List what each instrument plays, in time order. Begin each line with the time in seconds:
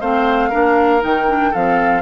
0.00 bassoon A3, clarinet C4, oboe C5, flute F5
0.49 bassoon A#3, clarinet D4, oboe A#4
1.00 bassoon D#3, clarinet D#4, flute G5
1.27 clarinet D4
1.50 bassoon F3, clarinet C4, oboe A4, flute F5